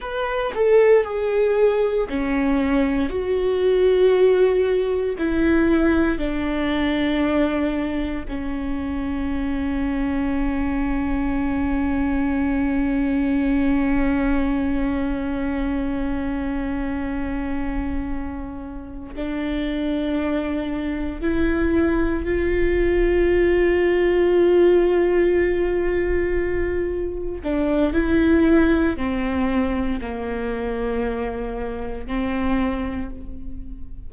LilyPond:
\new Staff \with { instrumentName = "viola" } { \time 4/4 \tempo 4 = 58 b'8 a'8 gis'4 cis'4 fis'4~ | fis'4 e'4 d'2 | cis'1~ | cis'1~ |
cis'2~ cis'8 d'4.~ | d'8 e'4 f'2~ f'8~ | f'2~ f'8 d'8 e'4 | c'4 ais2 c'4 | }